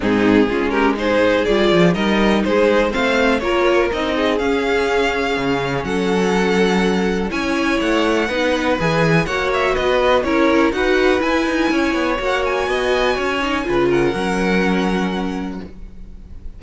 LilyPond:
<<
  \new Staff \with { instrumentName = "violin" } { \time 4/4 \tempo 4 = 123 gis'4. ais'8 c''4 d''4 | dis''4 c''4 f''4 cis''4 | dis''4 f''2. | fis''2. gis''4 |
fis''2 gis''4 fis''8 e''8 | dis''4 cis''4 fis''4 gis''4~ | gis''4 fis''8 gis''2~ gis''8~ | gis''8 fis''2.~ fis''8 | }
  \new Staff \with { instrumentName = "violin" } { \time 4/4 dis'4 f'8 g'8 gis'2 | ais'4 gis'4 c''4 ais'4~ | ais'8 gis'2.~ gis'8 | a'2. cis''4~ |
cis''4 b'2 cis''4 | b'4 ais'4 b'2 | cis''2 dis''4 cis''4 | b'8 ais'2.~ ais'8 | }
  \new Staff \with { instrumentName = "viola" } { \time 4/4 c'4 cis'4 dis'4 f'4 | dis'2 c'4 f'4 | dis'4 cis'2.~ | cis'2. e'4~ |
e'4 dis'4 gis'4 fis'4~ | fis'4 e'4 fis'4 e'4~ | e'4 fis'2~ fis'8 dis'8 | f'4 cis'2. | }
  \new Staff \with { instrumentName = "cello" } { \time 4/4 gis,4 gis2 g8 f8 | g4 gis4 a4 ais4 | c'4 cis'2 cis4 | fis2. cis'4 |
a4 b4 e4 ais4 | b4 cis'4 dis'4 e'8 dis'8 | cis'8 b8 ais4 b4 cis'4 | cis4 fis2. | }
>>